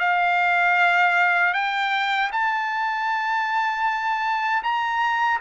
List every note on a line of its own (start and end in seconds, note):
0.00 1.53 F5
1.53 2.30 G5
2.32 4.63 A5
4.63 5.40 A#5